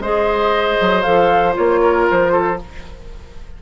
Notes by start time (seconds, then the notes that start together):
0.00 G#3 G#4 C5 D#5
0.81 F#3
1.03 F3 A4 F5
1.54 A#3 F4 C#5
1.82 A#4
2.11 F3 C5
2.32 A4